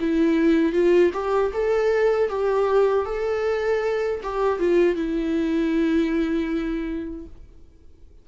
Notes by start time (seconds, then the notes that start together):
0.00 E4
0.72 F4
1.13 G4
1.53 A4
2.29 G4
3.05 A4
4.23 G4
4.59 F4
4.95 E4